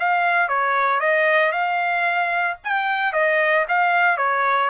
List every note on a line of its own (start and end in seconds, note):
0.00 0.49 F5
0.49 1.00 C#5
1.00 1.52 D#5
1.52 2.57 F5
2.64 3.13 G5
3.13 3.66 D#5
3.69 4.18 F5
4.18 4.70 C#5